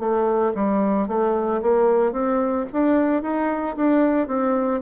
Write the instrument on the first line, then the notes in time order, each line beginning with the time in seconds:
bassoon
0.00 A3
0.55 G3
1.08 A3
1.62 A#3
2.12 C4
2.73 D4
3.22 D#4
3.76 D4
4.28 C4